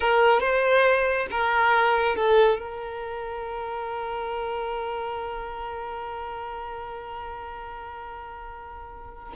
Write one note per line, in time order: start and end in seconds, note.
0.00 0.40 A#4
0.40 1.27 C5
1.30 2.15 A#4
2.15 2.58 A4
2.58 9.32 A#4